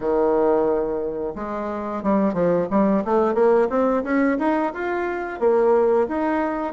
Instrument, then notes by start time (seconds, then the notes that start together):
bassoon
0.00 D#3
1.35 G#3
2.03 G3
2.33 F3
2.70 G3
3.04 A3
3.34 A#3
3.69 C4
4.03 C#4
4.39 D#4
4.73 F4
5.39 A#3
6.07 D#4